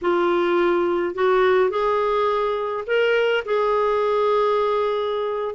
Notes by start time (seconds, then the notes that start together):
0.01 F4
1.14 F#4
1.70 G#4
2.86 A#4
3.45 G#4